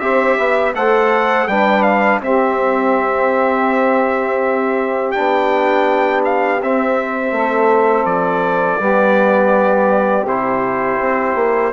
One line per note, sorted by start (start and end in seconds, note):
0.00 0.37 C4
0.00 0.74 G4
0.00 0.38 C5
0.00 0.73 E5
0.38 0.74 B3
0.38 0.75 E5
0.75 1.48 A3
0.75 1.49 A4
0.75 1.48 C5
0.75 1.48 F#5
1.48 2.20 G3
1.48 2.23 D4
1.48 2.22 B4
1.48 1.83 G5
1.83 2.19 F5
2.20 5.13 C4
2.20 5.15 C4
2.20 7.34 G4
2.20 5.11 E5
5.11 6.61 D4
5.11 6.21 G5
5.17 6.62 B3
6.25 6.61 F5
6.62 7.32 C4
6.62 8.80 C4
6.62 8.05 E5
7.32 8.05 A3
7.32 8.80 A4
8.05 8.78 F3
8.05 10.25 D5
8.80 10.24 G3
8.80 10.27 B3
8.80 11.72 G4
10.24 10.98 C3
10.24 11.73 E4
10.24 11.73 C5
11.00 11.35 C4
11.35 11.72 A#3